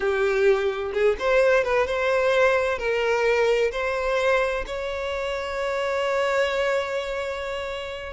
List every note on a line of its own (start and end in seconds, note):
0.00 0.92 G4
0.93 1.16 G#4
1.19 1.64 C5
1.64 1.86 B4
1.86 2.78 C5
2.78 3.71 A#4
3.71 4.64 C5
4.66 8.13 C#5